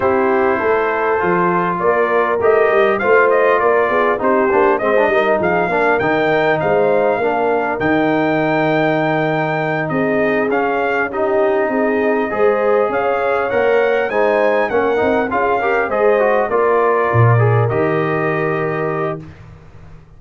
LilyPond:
<<
  \new Staff \with { instrumentName = "trumpet" } { \time 4/4 \tempo 4 = 100 c''2. d''4 | dis''4 f''8 dis''8 d''4 c''4 | dis''4 f''4 g''4 f''4~ | f''4 g''2.~ |
g''8 dis''4 f''4 dis''4.~ | dis''4. f''4 fis''4 gis''8~ | gis''8 fis''4 f''4 dis''4 d''8~ | d''4. dis''2~ dis''8 | }
  \new Staff \with { instrumentName = "horn" } { \time 4/4 g'4 a'2 ais'4~ | ais'4 c''4 ais'8 gis'8 g'4 | c''8 ais'8 gis'8 ais'4. c''4 | ais'1~ |
ais'8 gis'2 g'4 gis'8~ | gis'8 c''4 cis''2 c''8~ | c''8 ais'4 gis'8 ais'8 c''4 ais'8~ | ais'1 | }
  \new Staff \with { instrumentName = "trombone" } { \time 4/4 e'2 f'2 | g'4 f'2 dis'8 d'8 | c'16 d'16 dis'4 d'8 dis'2 | d'4 dis'2.~ |
dis'4. cis'4 dis'4.~ | dis'8 gis'2 ais'4 dis'8~ | dis'8 cis'8 dis'8 f'8 g'8 gis'8 fis'8 f'8~ | f'4 gis'8 g'2~ g'8 | }
  \new Staff \with { instrumentName = "tuba" } { \time 4/4 c'4 a4 f4 ais4 | a8 g8 a4 ais8 b8 c'8 ais8 | gis8 g8 f8 ais8 dis4 gis4 | ais4 dis2.~ |
dis8 c'4 cis'2 c'8~ | c'8 gis4 cis'4 ais4 gis8~ | gis8 ais8 c'8 cis'4 gis4 ais8~ | ais8 ais,4 dis2~ dis8 | }
>>